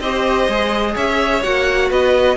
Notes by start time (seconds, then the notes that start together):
0.00 C4 G4 C5 D#5
0.48 G#3 G#4
0.95 C#4 C#5 E5
1.43 A#3 F#4 F#5
1.89 B3 B4 D#5